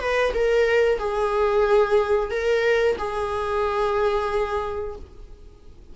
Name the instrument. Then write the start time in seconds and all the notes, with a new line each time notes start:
viola
0.00 B4
0.34 A#4
0.98 G#4
2.30 A#4
2.98 G#4